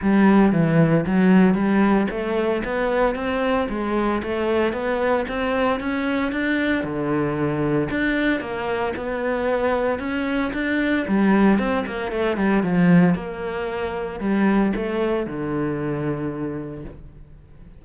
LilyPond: \new Staff \with { instrumentName = "cello" } { \time 4/4 \tempo 4 = 114 g4 e4 fis4 g4 | a4 b4 c'4 gis4 | a4 b4 c'4 cis'4 | d'4 d2 d'4 |
ais4 b2 cis'4 | d'4 g4 c'8 ais8 a8 g8 | f4 ais2 g4 | a4 d2. | }